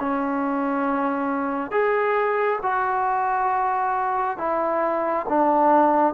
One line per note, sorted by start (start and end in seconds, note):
0.00 1.71 C#4
1.71 2.59 G#4
2.62 4.38 F#4
4.38 5.26 E4
5.29 6.14 D4